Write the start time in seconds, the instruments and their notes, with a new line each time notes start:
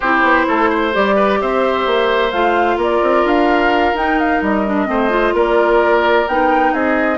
0.00 bassoon C4, clarinet E4, oboe G4, flute C5
0.22 bassoon B3
0.47 bassoon A3, oboe A4
0.69 oboe C5
0.92 bassoon G3, clarinet G4, flute D5
1.15 oboe B4
1.41 bassoon C4, oboe C5, flute E5
1.86 bassoon A#3
2.31 bassoon A3, clarinet F4, flute F5
2.76 bassoon A#3, oboe A#4
2.82 flute D5
3.02 bassoon C4
3.24 bassoon D4, flute F5
3.93 bassoon D#4, clarinet D#4, flute G5
4.19 flute F5
4.41 bassoon G3, flute D#5
4.65 clarinet D4
4.86 bassoon A3, clarinet C4, oboe C5
5.09 clarinet F4
5.33 bassoon A#3, oboe A#4, flute D5
6.27 bassoon B3, clarinet D#4, flute G5
6.73 bassoon C4, oboe G#4, flute D#5